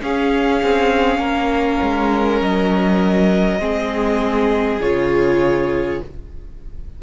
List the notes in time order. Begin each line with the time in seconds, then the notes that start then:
0.00 C#4 G#4 F5
0.63 C4
1.19 A#3 A#4
1.82 G#3
2.42 F#3 D#5
3.60 G#3 C4 G#4
4.81 C#3 F4 C#5